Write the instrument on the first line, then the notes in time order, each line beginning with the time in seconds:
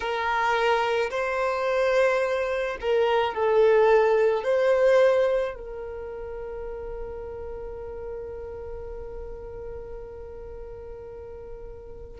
violin
0.00 A#4
1.10 C5
2.80 A#4
3.34 A4
4.43 C5
5.55 A#4